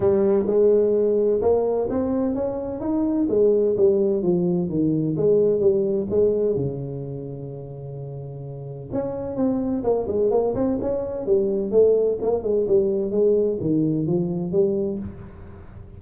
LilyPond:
\new Staff \with { instrumentName = "tuba" } { \time 4/4 \tempo 4 = 128 g4 gis2 ais4 | c'4 cis'4 dis'4 gis4 | g4 f4 dis4 gis4 | g4 gis4 cis2~ |
cis2. cis'4 | c'4 ais8 gis8 ais8 c'8 cis'4 | g4 a4 ais8 gis8 g4 | gis4 dis4 f4 g4 | }